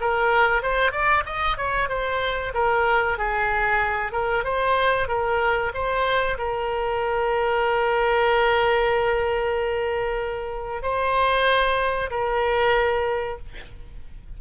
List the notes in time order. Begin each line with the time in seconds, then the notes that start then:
0.00 A#4
0.62 C5
0.91 D5
1.25 D#5
1.57 C#5
1.89 C5
2.54 A#4
3.18 G#4
4.12 A#4
4.44 C5
5.08 A#4
5.74 C5
6.38 A#4
10.82 C5
12.10 A#4